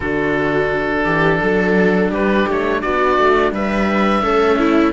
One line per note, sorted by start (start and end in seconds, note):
0.00 1.04 D3
0.00 4.22 D4
0.00 1.04 F#4
0.00 2.11 A4
1.04 1.40 E3
1.04 1.39 G4
1.41 2.10 F#3
1.41 2.10 A4
2.10 2.46 G3
2.10 2.80 G4
2.10 2.49 B4
2.48 2.83 A3
2.48 2.81 C#5
2.81 3.18 B3
2.81 3.53 F#4
2.81 3.52 D5
3.18 3.51 A3
3.51 4.22 G3
3.51 4.22 B4
3.51 4.92 E5
4.22 4.92 A3
4.22 4.92 C#4
4.22 4.58 A4
4.58 4.92 E4